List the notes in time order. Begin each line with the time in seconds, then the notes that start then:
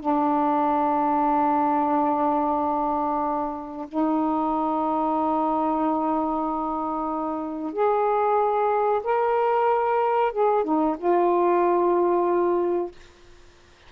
0.00 D4
3.88 D#4
7.72 G#4
9.04 A#4
10.32 G#4
10.64 D#4
10.98 F4